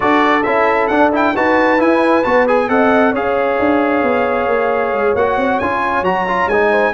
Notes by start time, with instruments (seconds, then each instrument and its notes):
0.00 tuba D4, trombone F#4, horn A4, trumpet D5
0.43 tuba C#4, trombone E4, trumpet E5
0.87 tuba D4, trombone D4, trumpet F#5
1.12 trombone E4, trumpet G5
1.34 tuba D#4, trombone F#4, horn B4, trumpet A5
1.78 trombone E4, tuba E4, trumpet G#5
2.24 tuba B3, trombone F#4, trumpet A5
2.47 trombone G#4, trumpet G#5
2.68 tuba C4, trombone A4, horn D#5, trumpet F#5
3.11 tuba C#4, trombone G#4, horn C#5, trumpet F5
3.59 tuba D4
4.02 tuba B3
4.47 tuba A#3
4.91 tuba G#3
5.14 tuba A#3, trombone F#4, trumpet F#5
5.37 tuba C4
5.59 tuba C#4, trombone F4, trumpet G#5
6.02 tuba F#3, trombone F#4, trumpet A#5
6.28 trombone F4
6.46 tuba G#3, trombone D#4, trumpet G#5
6.70 horn C5